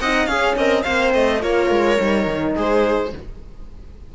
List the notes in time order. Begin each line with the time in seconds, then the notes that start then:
0.00 C4 D#4 D#5 F#5
0.26 C#4 G#4 F5
0.56 C4 A#4 D#5
0.83 A#3 C4 C5 F5
1.14 A3 D#5
1.40 A#3 F4 A#4 C#5
1.70 G#3
1.97 G3 D#4
2.27 D#3
2.55 G#3 G#4 C5